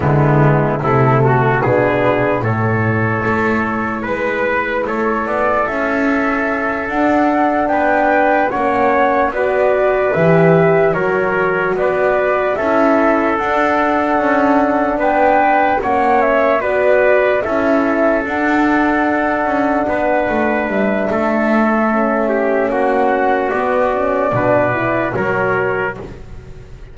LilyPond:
<<
  \new Staff \with { instrumentName = "flute" } { \time 4/4 \tempo 4 = 74 e'4 a'4 b'4 cis''4~ | cis''4 b'4 cis''8 d''8 e''4~ | e''8 fis''4 g''4 fis''4 d''8~ | d''8 e''4 cis''4 d''4 e''8~ |
e''8 fis''2 g''4 fis''8 | e''8 d''4 e''4 fis''4.~ | fis''4. e''2~ e''8 | fis''4 d''2 cis''4 | }
  \new Staff \with { instrumentName = "trumpet" } { \time 4/4 b4 e'8 fis'8 gis'4 a'4~ | a'4 b'4 a'2~ | a'4. b'4 cis''4 b'8~ | b'4. ais'4 b'4 a'8~ |
a'2~ a'8 b'4 cis''8~ | cis''8 b'4 a'2~ a'8~ | a'8 b'4. a'4. g'8 | fis'2 b'4 ais'4 | }
  \new Staff \with { instrumentName = "horn" } { \time 4/4 gis4 a4 d'4 e'4~ | e'1~ | e'8 d'2 cis'4 fis'8~ | fis'8 g'4 fis'2 e'8~ |
e'8 d'2. cis'8~ | cis'8 fis'4 e'4 d'4.~ | d'2. cis'4~ | cis'4 b8 cis'8 d'8 e'8 fis'4 | }
  \new Staff \with { instrumentName = "double bass" } { \time 4/4 d4 c4 b,4 a,4 | a4 gis4 a8 b8 cis'4~ | cis'8 d'4 b4 ais4 b8~ | b8 e4 fis4 b4 cis'8~ |
cis'8 d'4 cis'4 b4 ais8~ | ais8 b4 cis'4 d'4. | cis'8 b8 a8 g8 a2 | ais4 b4 b,4 fis4 | }
>>